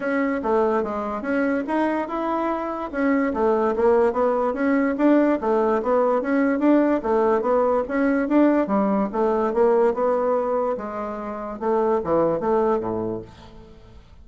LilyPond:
\new Staff \with { instrumentName = "bassoon" } { \time 4/4 \tempo 4 = 145 cis'4 a4 gis4 cis'4 | dis'4 e'2 cis'4 | a4 ais4 b4 cis'4 | d'4 a4 b4 cis'4 |
d'4 a4 b4 cis'4 | d'4 g4 a4 ais4 | b2 gis2 | a4 e4 a4 a,4 | }